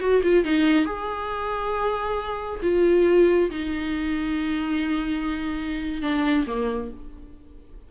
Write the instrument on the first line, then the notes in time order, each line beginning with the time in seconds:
viola
0.00 F#4
0.23 F4
0.44 D#4
0.85 G#4
2.62 F4
3.50 D#4
6.02 D4
6.47 A#3